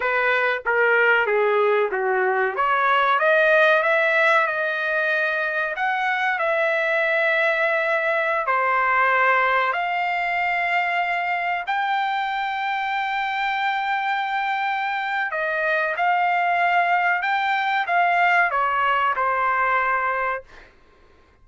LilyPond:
\new Staff \with { instrumentName = "trumpet" } { \time 4/4 \tempo 4 = 94 b'4 ais'4 gis'4 fis'4 | cis''4 dis''4 e''4 dis''4~ | dis''4 fis''4 e''2~ | e''4~ e''16 c''2 f''8.~ |
f''2~ f''16 g''4.~ g''16~ | g''1 | dis''4 f''2 g''4 | f''4 cis''4 c''2 | }